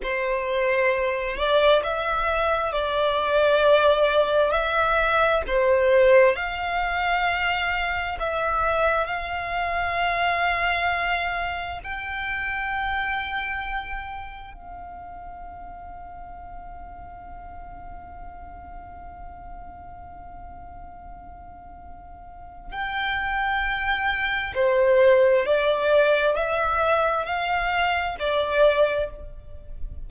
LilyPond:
\new Staff \with { instrumentName = "violin" } { \time 4/4 \tempo 4 = 66 c''4. d''8 e''4 d''4~ | d''4 e''4 c''4 f''4~ | f''4 e''4 f''2~ | f''4 g''2. |
f''1~ | f''1~ | f''4 g''2 c''4 | d''4 e''4 f''4 d''4 | }